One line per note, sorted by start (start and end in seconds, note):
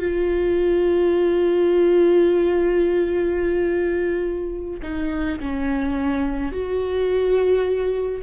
0.00 4.81 F4
4.83 5.40 D#4
5.40 6.52 C#4
6.52 8.22 F#4